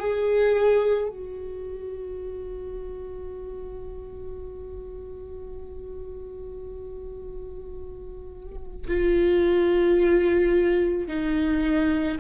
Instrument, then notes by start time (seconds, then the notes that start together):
viola
0.00 G#4
1.10 F#4
8.88 F4
11.08 D#4